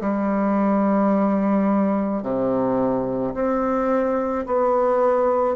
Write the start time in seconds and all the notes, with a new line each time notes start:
0.00 G3
2.22 C3
3.34 C4
4.46 B3